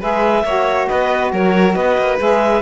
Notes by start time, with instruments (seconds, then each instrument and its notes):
0.00 cello G#3, saxophone G#4, violin B4, clarinet E5
0.43 cello A#3, saxophone F#4, violin C#5
0.87 cello B3, violin B4, clarinet D#5
1.32 cello F#3, violin A#4, clarinet C#5
1.74 cello B3, violin B4, clarinet D#5
1.98 cello A#3
2.18 cello G#3, saxophone G#4, clarinet E5